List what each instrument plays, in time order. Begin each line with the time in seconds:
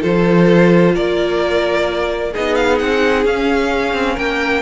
0.00 cello F3, viola F4, violin A4 C5
0.95 cello A#3, violin A#4 D5
2.31 cello B3, viola D#4, violin G#4 D#5
2.55 violin F5
2.78 cello C4, violin F#5
3.24 cello C#4, viola C#4, violin F5
3.93 cello C4
4.13 cello A#3, violin A#4 G5